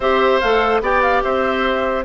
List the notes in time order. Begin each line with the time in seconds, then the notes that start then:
0.00 C4 G4 C5 E5
0.40 A3 A4 F5
0.81 B3 G4 D5 G5
1.02 F5
1.23 C4 C5 E5